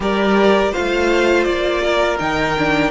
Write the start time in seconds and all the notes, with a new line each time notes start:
0.00 G3 G4 A#4 D5
0.71 F4 C5 F5
0.77 A3
1.44 A#3 D5
1.83 A#4
2.19 D#3 D#4 G5
2.58 D4